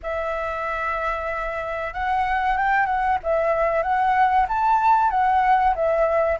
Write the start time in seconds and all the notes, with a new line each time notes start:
0.02 E5
1.93 F#5
2.57 G5
2.86 F#5
3.23 E5
3.82 F#5
4.48 A5
5.10 F#5
5.75 E5